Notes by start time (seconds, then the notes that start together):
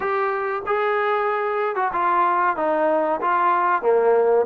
0.00 G4
0.66 G#4
1.76 F#4
1.92 F4
2.56 D#4
3.21 F4
3.82 A#3